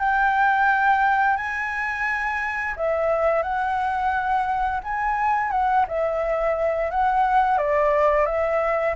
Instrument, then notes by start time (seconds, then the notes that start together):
flute
0.00 G5
1.37 G#5
2.76 E5
3.43 F#5
4.84 G#5
5.52 F#5
5.88 E5
6.91 F#5
7.58 D5
8.26 E5